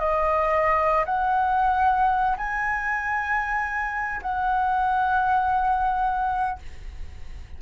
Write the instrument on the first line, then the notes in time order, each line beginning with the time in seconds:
flute
0.00 D#5
1.06 F#5
2.38 G#5
4.22 F#5